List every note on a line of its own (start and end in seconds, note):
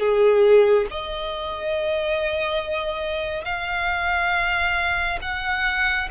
0.00 0.87 G#4
0.91 3.45 D#5
3.45 5.19 F5
5.22 6.09 F#5